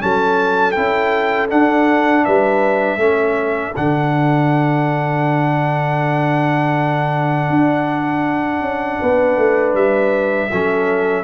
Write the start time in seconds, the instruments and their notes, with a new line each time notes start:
0.00 tuba F#3, trombone C#4, horn A4, trumpet A5
0.72 tuba C#4, trombone E4, trumpet G5
1.49 trombone D4, tuba D4, trumpet F#5
2.25 tuba G3, horn B4, trumpet E5
2.97 tuba A3, trombone C#4, horn A4
3.76 tuba D3, trombone D4, trumpet F#5
7.50 tuba D4
8.61 tuba C#4
9.00 tuba B3, horn B4
9.37 tuba A3
9.74 tuba G3, trumpet E5
10.51 tuba F#3, trombone C#4, horn A4